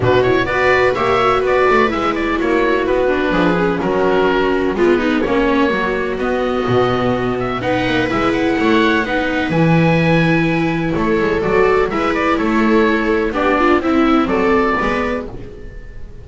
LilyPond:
<<
  \new Staff \with { instrumentName = "oboe" } { \time 4/4 \tempo 4 = 126 b'8 cis''8 d''4 e''4 d''4 | e''8 d''8 cis''4 b'2 | ais'2 b'4 cis''4~ | cis''4 dis''2~ dis''8 e''8 |
fis''4 e''8 fis''2~ fis''8 | gis''2. cis''4 | d''4 e''8 d''8 cis''2 | d''4 e''4 d''2 | }
  \new Staff \with { instrumentName = "viola" } { \time 4/4 fis'4 b'4 cis''4 b'4~ | b'4 fis'2 gis'4 | fis'2 f'8 dis'8 cis'4 | fis'1 |
b'2 cis''4 b'4~ | b'2. a'4~ | a'4 b'4 a'2 | g'8 f'8 e'4 a'4 b'4 | }
  \new Staff \with { instrumentName = "viola" } { \time 4/4 d'8 e'8 fis'4 g'8 fis'4. | e'2~ e'8 d'4 cis'8~ | cis'2 b4 ais4~ | ais4 b2. |
dis'4 e'2 dis'4 | e'1 | fis'4 e'2. | d'4 c'2 b4 | }
  \new Staff \with { instrumentName = "double bass" } { \time 4/4 b,4 b4 ais4 b8 a8 | gis4 ais4 b4 f4 | fis2 gis4 ais4 | fis4 b4 b,2 |
b8 ais8 gis4 a4 b4 | e2. a8 gis8 | fis4 gis4 a2 | b4 c'4 fis4 gis4 | }
>>